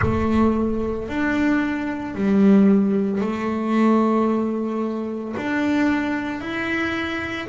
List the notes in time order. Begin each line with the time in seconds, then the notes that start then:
0.01 A3
1.08 D4
2.14 G3
3.20 A3
5.36 D4
6.40 E4